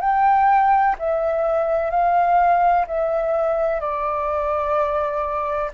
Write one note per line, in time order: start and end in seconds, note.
0.00 0.95 G5
0.98 1.90 E5
1.90 2.86 F5
2.87 3.80 E5
3.80 5.71 D5